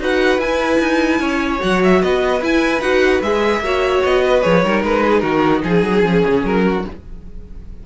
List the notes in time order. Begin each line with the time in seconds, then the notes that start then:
0.00 D#4 F#4 B4 F#5
0.39 E4 G#5
0.80 D#4
1.20 C#4 C#5
1.59 F#3 F#4 F#5
1.84 E5
2.01 B3 B4 D#5
2.42 E4 G#5
2.81 D#4 F#4 F#5
3.22 G#3 G#4 E5
3.60 A#3 F#4 C#5
4.04 B3 D#5
4.25 B4
4.42 F3 G#4 C#5
4.64 G3 D#4 A#4
4.83 G#3 B4
5.04 G#4
5.20 D#3 F#4 A#4
5.64 F3 G#4
5.83 F#3
6.03 F3 C#4
6.28 C#3
6.44 F#3 A#4
6.66 F#4